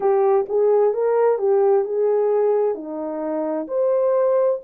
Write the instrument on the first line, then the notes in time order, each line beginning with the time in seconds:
horn
0.00 G4
0.48 G#4
0.93 A#4
1.38 G4
1.85 G#4
2.74 D#4
3.67 C5